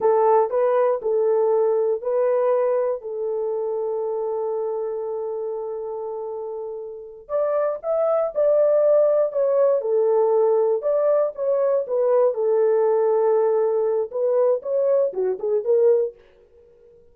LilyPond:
\new Staff \with { instrumentName = "horn" } { \time 4/4 \tempo 4 = 119 a'4 b'4 a'2 | b'2 a'2~ | a'1~ | a'2~ a'8 d''4 e''8~ |
e''8 d''2 cis''4 a'8~ | a'4. d''4 cis''4 b'8~ | b'8 a'2.~ a'8 | b'4 cis''4 fis'8 gis'8 ais'4 | }